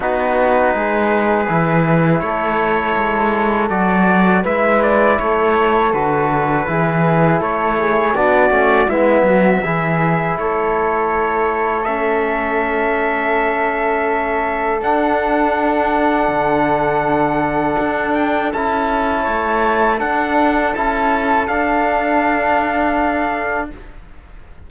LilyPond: <<
  \new Staff \with { instrumentName = "trumpet" } { \time 4/4 \tempo 4 = 81 b'2. cis''4~ | cis''4 d''4 e''8 d''8 cis''4 | b'2 cis''4 d''4 | e''2 cis''2 |
e''1 | fis''1~ | fis''8 g''8 a''2 fis''4 | a''4 f''2. | }
  \new Staff \with { instrumentName = "flute" } { \time 4/4 fis'4 gis'2 a'4~ | a'2 b'4 a'4~ | a'4 gis'4 a'8 gis'8 fis'4 | e'8 fis'8 gis'4 a'2~ |
a'1~ | a'1~ | a'2 cis''4 a'4~ | a'1 | }
  \new Staff \with { instrumentName = "trombone" } { \time 4/4 dis'2 e'2~ | e'4 fis'4 e'2 | fis'4 e'2 d'8 cis'8 | b4 e'2. |
cis'1 | d'1~ | d'4 e'2 d'4 | e'4 d'2. | }
  \new Staff \with { instrumentName = "cello" } { \time 4/4 b4 gis4 e4 a4 | gis4 fis4 gis4 a4 | d4 e4 a4 b8 a8 | gis8 fis8 e4 a2~ |
a1 | d'2 d2 | d'4 cis'4 a4 d'4 | cis'4 d'2. | }
>>